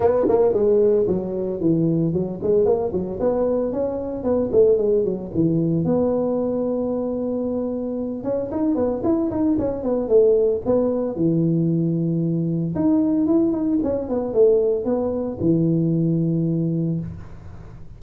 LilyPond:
\new Staff \with { instrumentName = "tuba" } { \time 4/4 \tempo 4 = 113 b8 ais8 gis4 fis4 e4 | fis8 gis8 ais8 fis8 b4 cis'4 | b8 a8 gis8 fis8 e4 b4~ | b2.~ b8 cis'8 |
dis'8 b8 e'8 dis'8 cis'8 b8 a4 | b4 e2. | dis'4 e'8 dis'8 cis'8 b8 a4 | b4 e2. | }